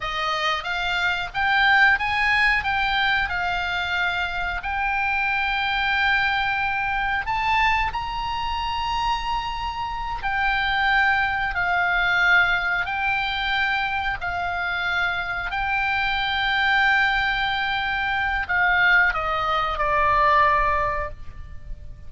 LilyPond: \new Staff \with { instrumentName = "oboe" } { \time 4/4 \tempo 4 = 91 dis''4 f''4 g''4 gis''4 | g''4 f''2 g''4~ | g''2. a''4 | ais''2.~ ais''8 g''8~ |
g''4. f''2 g''8~ | g''4. f''2 g''8~ | g''1 | f''4 dis''4 d''2 | }